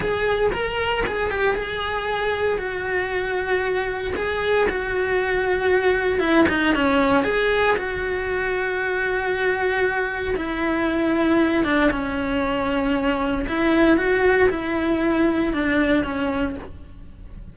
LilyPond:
\new Staff \with { instrumentName = "cello" } { \time 4/4 \tempo 4 = 116 gis'4 ais'4 gis'8 g'8 gis'4~ | gis'4 fis'2. | gis'4 fis'2. | e'8 dis'8 cis'4 gis'4 fis'4~ |
fis'1 | e'2~ e'8 d'8 cis'4~ | cis'2 e'4 fis'4 | e'2 d'4 cis'4 | }